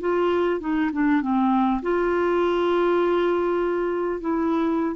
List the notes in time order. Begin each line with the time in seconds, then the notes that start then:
0.00 F4
0.60 D#4
0.92 D4
1.21 C4
1.82 F4
4.20 E4